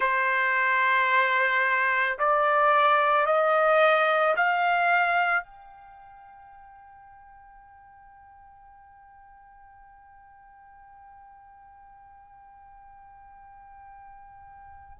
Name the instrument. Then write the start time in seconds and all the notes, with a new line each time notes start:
trumpet
0.00 C5
2.18 D5
3.25 D#5
4.36 F5
5.42 G5